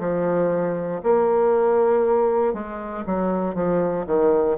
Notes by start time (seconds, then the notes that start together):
0.00 F3
1.04 A#3
2.54 G#3
3.06 F#3
3.55 F3
4.07 D#3